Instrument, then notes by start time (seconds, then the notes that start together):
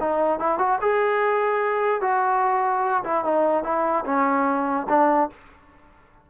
trombone
0.00 D#4
0.39 E4
0.59 F#4
0.81 G#4
2.01 F#4
3.04 E4
3.24 D#4
3.64 E4
4.05 C#4
4.89 D4